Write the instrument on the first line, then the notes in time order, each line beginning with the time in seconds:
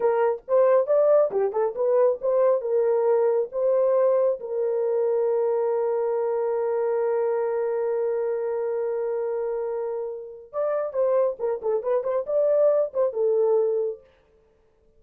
horn
0.00 A#4
0.48 C5
0.87 D5
1.31 G4
1.52 A4
1.75 B4
2.21 C5
2.61 A#4
3.52 C5
4.39 A#4
10.52 D5
10.93 C5
11.39 A#4
11.61 A4
11.82 B4
12.03 C5
12.26 D5
12.93 C5
13.12 A4